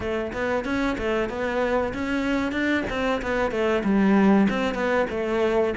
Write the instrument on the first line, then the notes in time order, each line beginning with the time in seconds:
cello
0.00 A3
0.32 B3
0.64 C#4
0.98 A3
1.29 B3
1.93 C#4
2.52 D4
2.89 C4
3.21 B3
3.51 A3
3.84 G3
4.49 C4
4.74 B3
5.09 A3